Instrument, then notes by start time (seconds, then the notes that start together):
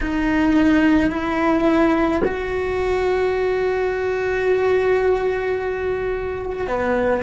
cello
0.01 D#4
1.10 E4
2.24 F#4
6.67 B3